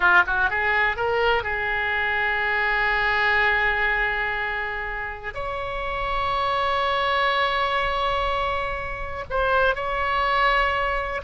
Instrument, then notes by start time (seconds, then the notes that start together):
oboe
0.00 F4
0.26 F#4
0.50 G#4
0.96 A#4
1.43 G#4
5.34 C#5
9.29 C5
9.75 C#5